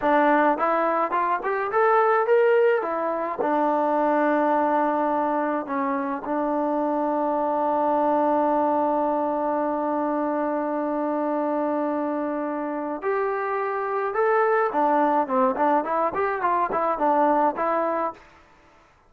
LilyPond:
\new Staff \with { instrumentName = "trombone" } { \time 4/4 \tempo 4 = 106 d'4 e'4 f'8 g'8 a'4 | ais'4 e'4 d'2~ | d'2 cis'4 d'4~ | d'1~ |
d'1~ | d'2. g'4~ | g'4 a'4 d'4 c'8 d'8 | e'8 g'8 f'8 e'8 d'4 e'4 | }